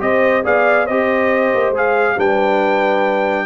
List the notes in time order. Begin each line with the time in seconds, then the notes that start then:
0.00 C4 G4 C5 D#5
0.44 B3 G#4 D5 F5
0.86 C4 G4 C5 D#5
1.54 A#3
1.71 G#3 G#4
1.77 F5
2.17 G3 D4 B4 G5